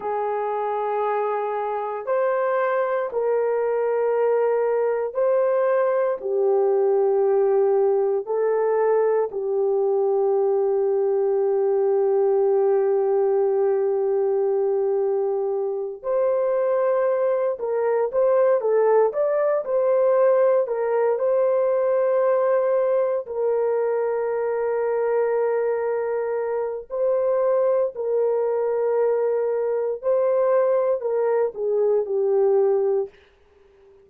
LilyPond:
\new Staff \with { instrumentName = "horn" } { \time 4/4 \tempo 4 = 58 gis'2 c''4 ais'4~ | ais'4 c''4 g'2 | a'4 g'2.~ | g'2.~ g'8 c''8~ |
c''4 ais'8 c''8 a'8 d''8 c''4 | ais'8 c''2 ais'4.~ | ais'2 c''4 ais'4~ | ais'4 c''4 ais'8 gis'8 g'4 | }